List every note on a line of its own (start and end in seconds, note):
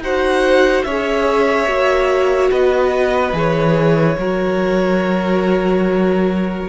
0.00 0.83 D#4
0.00 0.87 F#4
0.00 0.86 C5
0.00 0.84 F#5
0.84 1.67 C#4
0.84 1.68 G#4
0.84 2.51 C#5
0.84 2.51 E5
1.67 2.51 A#3
1.67 3.33 F#4
2.51 3.33 B3
2.51 4.18 B4
2.51 3.36 D#5
3.33 4.17 E3
3.33 4.16 G#4
3.33 6.69 C#5
4.18 6.68 F#3
4.18 6.69 F#4
4.18 6.69 A#4